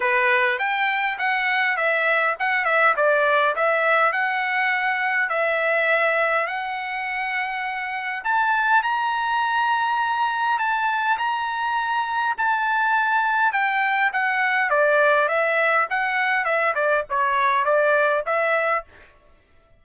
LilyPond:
\new Staff \with { instrumentName = "trumpet" } { \time 4/4 \tempo 4 = 102 b'4 g''4 fis''4 e''4 | fis''8 e''8 d''4 e''4 fis''4~ | fis''4 e''2 fis''4~ | fis''2 a''4 ais''4~ |
ais''2 a''4 ais''4~ | ais''4 a''2 g''4 | fis''4 d''4 e''4 fis''4 | e''8 d''8 cis''4 d''4 e''4 | }